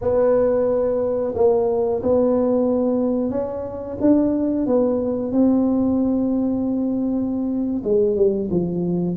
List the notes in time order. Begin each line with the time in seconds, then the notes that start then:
0.01 B3
1.35 A#3
2.02 B3
3.30 C#4
4.00 D4
4.66 B3
5.32 C4
7.84 G#3
8.16 G3
8.50 F3